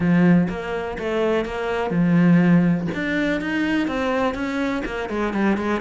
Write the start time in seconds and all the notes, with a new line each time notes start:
0.00 F3
0.49 A#3
0.98 A3
1.45 A#3
1.90 F3
2.94 D4
3.40 D#4
3.87 C4
4.34 C#4
4.85 A#3
5.09 G#3
5.33 G3
5.57 G#3